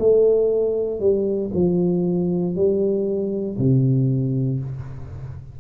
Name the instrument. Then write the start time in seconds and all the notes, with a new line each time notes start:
tuba
0.00 A3
1.00 G3
1.54 F3
2.56 G3
3.59 C3